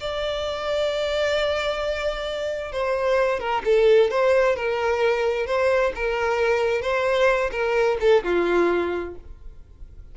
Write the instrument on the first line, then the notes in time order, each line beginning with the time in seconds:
violin
0.00 D5
2.72 C5
3.39 A#4
3.64 A4
4.10 C5
4.56 A#4
5.46 C5
5.95 A#4
6.81 C5
7.51 A#4
8.00 A4
8.23 F4